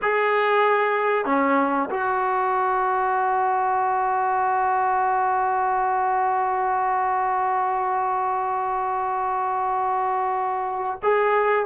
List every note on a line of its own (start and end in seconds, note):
0.01 1.25 G#4
1.25 1.89 C#4
1.90 11.00 F#4
11.02 11.65 G#4